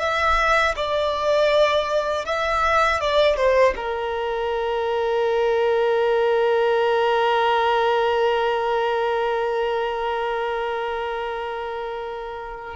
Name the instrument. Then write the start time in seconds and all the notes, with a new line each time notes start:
violin
0.00 E5
0.76 D5
2.26 E5
3.01 D5
3.36 C5
3.76 A#4